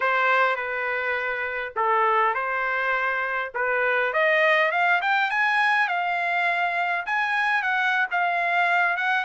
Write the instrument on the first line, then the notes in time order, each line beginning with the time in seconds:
trumpet
0.00 C5
0.56 B4
1.76 A4
2.34 C5
3.54 B4
4.13 D#5
4.71 F5
5.01 G5
5.30 G#5
5.87 F5
7.06 G#5
7.62 F#5
8.11 F5
8.97 F#5